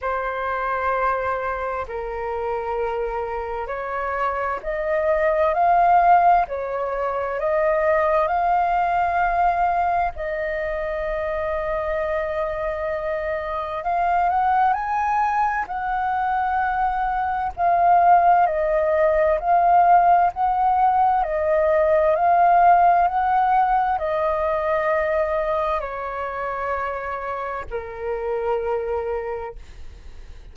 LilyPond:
\new Staff \with { instrumentName = "flute" } { \time 4/4 \tempo 4 = 65 c''2 ais'2 | cis''4 dis''4 f''4 cis''4 | dis''4 f''2 dis''4~ | dis''2. f''8 fis''8 |
gis''4 fis''2 f''4 | dis''4 f''4 fis''4 dis''4 | f''4 fis''4 dis''2 | cis''2 ais'2 | }